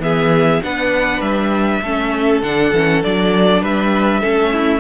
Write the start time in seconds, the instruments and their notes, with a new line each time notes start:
0.00 cello E3, viola B3, violin G#4 E5
0.63 cello B3, viola D4, violin B4 F#5
1.21 cello G3, violin E5
1.82 cello A3, viola C#4, violin A4
2.42 cello D3, viola D4, violin F#5
2.73 cello E3, viola C#4
3.03 cello F#3, viola D4, violin D5
3.61 cello G3, violin B4 E5
4.21 cello A3, viola C#4, violin A4
4.52 violin E4